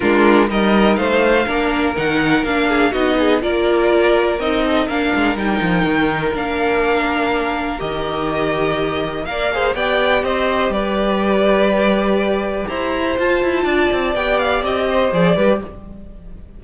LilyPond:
<<
  \new Staff \with { instrumentName = "violin" } { \time 4/4 \tempo 4 = 123 ais'4 dis''4 f''2 | fis''4 f''4 dis''4 d''4~ | d''4 dis''4 f''4 g''4~ | g''4 f''2. |
dis''2. f''4 | g''4 dis''4 d''2~ | d''2 ais''4 a''4~ | a''4 g''8 f''8 dis''4 d''4 | }
  \new Staff \with { instrumentName = "violin" } { \time 4/4 f'4 ais'4 c''4 ais'4~ | ais'4. gis'8 fis'8 gis'8 ais'4~ | ais'4. a'8 ais'2~ | ais'1~ |
ais'2. d''8 c''8 | d''4 c''4 b'2~ | b'2 c''2 | d''2~ d''8 c''4 b'8 | }
  \new Staff \with { instrumentName = "viola" } { \time 4/4 d'4 dis'2 d'4 | dis'4 d'4 dis'4 f'4~ | f'4 dis'4 d'4 dis'4~ | dis'4 d'2. |
g'2. ais'8 gis'8 | g'1~ | g'2. f'4~ | f'4 g'2 gis'8 g'8 | }
  \new Staff \with { instrumentName = "cello" } { \time 4/4 gis4 g4 a4 ais4 | dis4 ais4 b4 ais4~ | ais4 c'4 ais8 gis8 g8 f8 | dis4 ais2. |
dis2. ais4 | b4 c'4 g2~ | g2 e'4 f'8 e'8 | d'8 c'8 b4 c'4 f8 g8 | }
>>